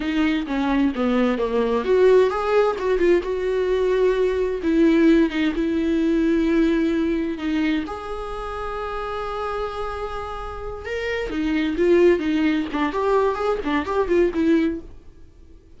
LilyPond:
\new Staff \with { instrumentName = "viola" } { \time 4/4 \tempo 4 = 130 dis'4 cis'4 b4 ais4 | fis'4 gis'4 fis'8 f'8 fis'4~ | fis'2 e'4. dis'8 | e'1 |
dis'4 gis'2.~ | gis'2.~ gis'8 ais'8~ | ais'8 dis'4 f'4 dis'4 d'8 | g'4 gis'8 d'8 g'8 f'8 e'4 | }